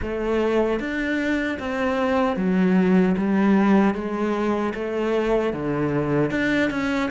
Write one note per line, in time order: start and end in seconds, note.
0.02 0.79 A3
0.79 1.58 D4
1.59 2.36 C4
2.36 3.15 F#3
3.17 3.94 G3
3.94 4.73 G#3
4.74 5.53 A3
5.53 6.31 D3
6.31 6.70 D4
6.70 7.09 C#4